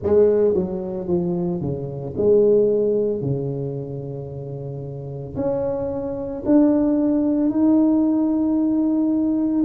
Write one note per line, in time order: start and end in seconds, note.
0.02 0.54 G#3
0.54 1.07 F#3
1.07 1.61 F3
1.61 2.14 C#3
2.17 3.21 G#3
3.21 5.35 C#3
5.36 6.43 C#4
6.45 7.50 D4
7.50 9.64 D#4